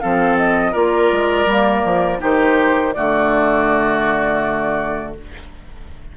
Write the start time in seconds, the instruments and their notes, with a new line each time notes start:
0.00 bassoon F3, clarinet C4, oboe A4, flute F5
0.37 flute D#5
0.72 bassoon A#3, clarinet F4, oboe A#4, flute D5
1.12 bassoon G#3
1.46 bassoon G3, clarinet A#3
1.85 bassoon F3
2.19 bassoon D#3, clarinet D#4, oboe G4, flute C5
2.93 bassoon D3, clarinet A3, oboe F#4, flute D5